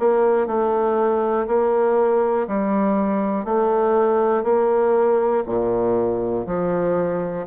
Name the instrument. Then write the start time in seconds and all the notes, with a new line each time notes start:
bassoon
0.00 A#3
0.47 A3
1.48 A#3
2.48 G3
3.45 A3
4.44 A#3
5.47 A#2
6.47 F3